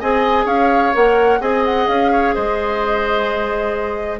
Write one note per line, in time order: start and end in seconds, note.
0.00 0.45 C4
0.00 0.94 G#4
0.00 0.45 D#5
0.00 0.47 G#5
0.45 0.92 C#4
0.45 1.39 C#5
0.45 0.94 F5
0.94 1.40 A#3
0.94 1.41 A#4
0.94 1.41 F#5
1.40 1.87 C4
1.40 4.20 G#4
1.40 2.12 D#5
1.40 1.65 G#5
1.65 1.88 F#5
1.88 2.35 C#4
1.88 2.34 F5
2.12 2.35 C#5
2.34 4.20 G#3
2.34 4.20 C5
2.34 4.20 D#5